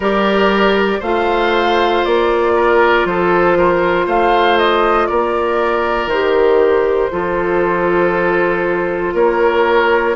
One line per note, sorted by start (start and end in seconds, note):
0.00 0.97 G3
0.00 1.03 G4
0.00 0.99 A#4
0.00 1.03 D5
0.99 2.03 A3
0.99 6.11 F4
0.99 2.52 C5
0.99 2.04 F5
2.04 3.05 A#3
2.04 3.06 D5
2.56 3.06 A#4
3.05 4.06 F3
3.05 3.58 A4
3.05 4.08 C5
3.58 4.06 A#4
4.06 5.08 A3
4.06 5.07 C5
4.06 4.58 F5
4.58 5.06 D#5
5.06 6.06 A#3
5.06 7.11 A#4
5.06 6.08 D5
6.06 7.08 D#3
6.06 7.10 G4
6.06 9.13 C5
7.10 9.13 F3
7.10 10.15 F4
7.10 9.14 A4
9.13 10.15 A#3
9.13 10.15 A#4
9.13 10.15 C#5